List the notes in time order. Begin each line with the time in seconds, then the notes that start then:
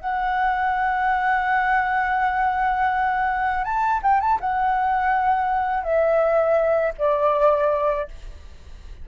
0.00 F#5
3.64 A5
4.02 G5
4.21 A5
4.40 F#5
5.83 E5
6.98 D5